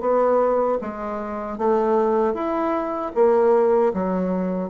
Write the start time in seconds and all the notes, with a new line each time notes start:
0.00 B3
0.81 G#3
1.58 A3
2.34 E4
3.14 A#3
3.93 F#3